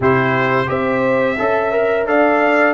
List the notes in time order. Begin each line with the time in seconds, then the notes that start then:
0.00 C3 E4 G4 C5
0.66 C4 G4 C5 E5
1.38 C#4 A4 E5
1.72 A#4
2.06 D4 A4 D5 F5